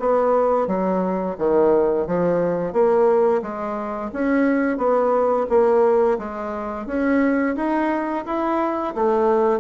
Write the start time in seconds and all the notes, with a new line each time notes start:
0.00 B3
0.67 F#3
1.38 D#3
2.07 F3
2.73 A#3
3.42 G#3
4.13 C#4
4.78 B3
5.50 A#3
6.19 G#3
6.87 C#4
7.56 D#4
8.26 E4
8.95 A3